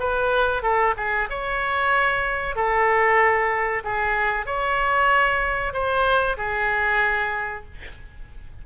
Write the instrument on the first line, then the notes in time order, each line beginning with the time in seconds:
oboe
0.00 B4
0.63 A4
0.97 G#4
1.30 C#5
2.56 A4
3.84 G#4
4.47 C#5
5.74 C5
6.38 G#4